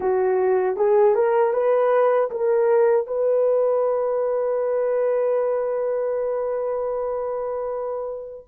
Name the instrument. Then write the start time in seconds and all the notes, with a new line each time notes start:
horn
0.00 F#4
0.76 G#4
1.14 A#4
1.53 B4
2.30 A#4
3.06 B4